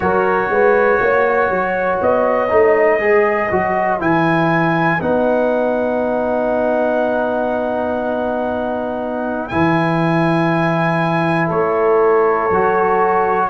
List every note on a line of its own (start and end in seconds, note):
0.00 0.49 F#3
0.00 2.49 F#4
0.00 0.51 A#4
0.00 1.99 C#5
0.49 0.99 G#3
0.49 1.01 B4
1.00 1.49 A#3
1.00 3.01 C#5
1.49 1.99 F#3
2.01 2.51 B3
2.01 4.01 D#5
2.49 3.00 A3
2.49 2.99 D#4
2.99 3.50 G#3
2.99 3.49 G#4
2.99 11.46 B4
3.51 4.00 F#3
3.51 3.99 F#4
3.99 5.00 E3
3.99 4.99 E4
3.99 5.01 G#5
5.00 9.51 B3
5.00 9.50 D#4
5.00 9.48 F#5
9.48 11.50 E3
9.48 12.50 E4
9.48 11.48 G#5
11.46 12.50 A3
11.46 13.46 A4
11.46 13.49 C#5
12.50 13.49 F#3
12.50 13.49 F#4